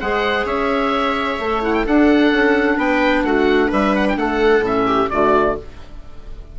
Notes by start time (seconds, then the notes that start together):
0.00 G#3 G#4 C5 F#5
0.45 C#4 C#5 E5
1.39 A3 A4
1.62 E4 F#5
1.73 G5
1.84 D4 A4 F#5
2.32 C#4
2.77 B3 B4 G5
3.23 A3 F#4 F#5
3.68 G3 B4 E5
3.95 F#5
4.08 G5
4.16 A3 A4 F#5
4.60 A2 C#4 E5
4.86 G4
5.09 D3 A3 F#4 D5